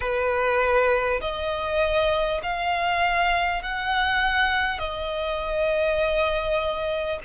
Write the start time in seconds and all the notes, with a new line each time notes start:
0.00 B4
1.21 D#5
2.42 F5
3.62 F#5
4.78 D#5